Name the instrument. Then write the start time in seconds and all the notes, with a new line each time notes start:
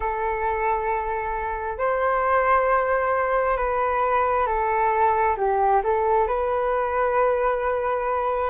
flute
0.00 A4
1.77 C5
3.57 B4
4.46 A4
5.37 G4
5.83 A4
6.27 B4